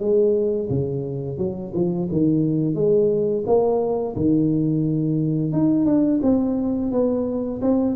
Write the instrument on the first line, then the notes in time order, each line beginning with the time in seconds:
tuba
0.00 G#3
0.70 C#3
1.38 F#3
1.75 F3
2.12 D#3
2.76 G#3
3.47 A#3
4.17 D#3
5.53 D#4
5.86 D4
6.23 C4
6.92 B3
7.62 C4